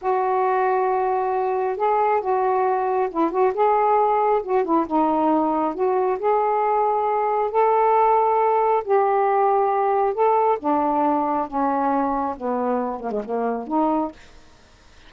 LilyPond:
\new Staff \with { instrumentName = "saxophone" } { \time 4/4 \tempo 4 = 136 fis'1 | gis'4 fis'2 e'8 fis'8 | gis'2 fis'8 e'8 dis'4~ | dis'4 fis'4 gis'2~ |
gis'4 a'2. | g'2. a'4 | d'2 cis'2 | b4. ais16 gis16 ais4 dis'4 | }